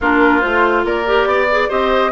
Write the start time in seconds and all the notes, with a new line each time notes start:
0.00 A#3 D4 F4 A#4
0.40 A3 F4 C5
0.84 A#3 A#4 D5
1.05 G4
1.25 B3 D5
1.50 G#4
1.68 C4 G4 C5 D#5